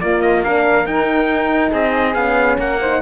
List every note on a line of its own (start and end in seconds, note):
0.00 0.44 A#3
0.00 0.86 A#3
0.00 0.44 F4
0.00 0.21 D5
0.21 0.43 D#5
0.44 0.85 D4
0.44 1.71 A#4
0.44 0.86 F5
0.85 2.14 D#4
0.85 1.71 D#4
0.85 1.72 G5
1.71 2.15 C4
1.71 2.57 G#4
1.71 2.15 D#5
2.15 2.58 B3
2.15 2.81 C#4
2.15 2.57 F5
2.58 3.01 A#3
2.58 2.80 A#4
2.58 3.02 F#5
2.81 3.02 D#4
2.81 3.02 C5